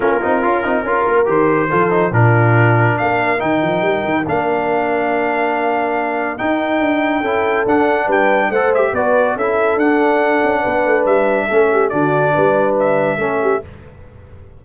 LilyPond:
<<
  \new Staff \with { instrumentName = "trumpet" } { \time 4/4 \tempo 4 = 141 ais'2. c''4~ | c''4 ais'2 f''4 | g''2 f''2~ | f''2. g''4~ |
g''2 fis''4 g''4 | fis''8 e''8 d''4 e''4 fis''4~ | fis''2 e''2 | d''2 e''2 | }
  \new Staff \with { instrumentName = "horn" } { \time 4/4 f'2 ais'2 | a'4 f'2 ais'4~ | ais'1~ | ais'1~ |
ais'4 a'2 b'4 | c''4 b'4 a'2~ | a'4 b'2 a'8 g'8 | fis'4 b'2 a'8 g'8 | }
  \new Staff \with { instrumentName = "trombone" } { \time 4/4 cis'8 dis'8 f'8 dis'8 f'4 g'4 | f'8 dis'8 d'2. | dis'2 d'2~ | d'2. dis'4~ |
dis'4 e'4 d'2 | a'8 g'8 fis'4 e'4 d'4~ | d'2. cis'4 | d'2. cis'4 | }
  \new Staff \with { instrumentName = "tuba" } { \time 4/4 ais8 c'8 cis'8 c'8 cis'8 ais8 dis4 | f4 ais,2 ais4 | dis8 f8 g8 dis8 ais2~ | ais2. dis'4 |
d'4 cis'4 d'4 g4 | a4 b4 cis'4 d'4~ | d'8 cis'8 b8 a8 g4 a4 | d4 g2 a4 | }
>>